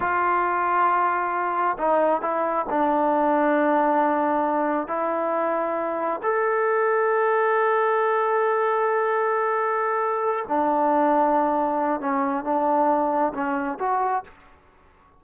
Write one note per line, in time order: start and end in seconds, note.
0.00 1.77 F4
1.78 2.21 D#4
2.21 2.65 E4
2.69 4.87 D4
4.87 6.21 E4
6.22 10.45 A4
10.47 12.00 D4
12.00 12.44 C#4
12.44 13.33 D4
13.33 13.78 C#4
13.79 14.23 F#4